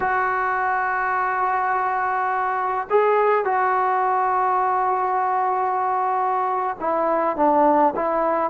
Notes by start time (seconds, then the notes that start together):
0.00 F#4
2.90 G#4
3.45 F#4
6.79 E4
7.36 D4
7.95 E4